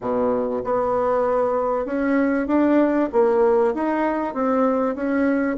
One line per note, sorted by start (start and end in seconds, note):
0.00 0.62 B2
0.64 1.85 B3
1.85 2.47 C#4
2.47 3.09 D4
3.12 3.74 A#3
3.74 4.34 D#4
4.34 4.95 C4
4.95 5.57 C#4